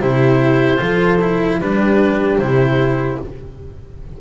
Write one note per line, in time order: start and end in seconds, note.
0.00 0.80 C3
0.00 0.78 E4
0.00 0.82 G4
0.00 1.61 C5
0.78 1.62 F3
0.78 1.18 F4
0.78 1.60 A4
1.22 1.61 E4
1.60 2.39 G3
1.60 2.41 D4
1.60 3.20 G4
1.60 2.39 B4
2.39 3.19 C3
2.39 3.21 E4
2.39 3.19 C5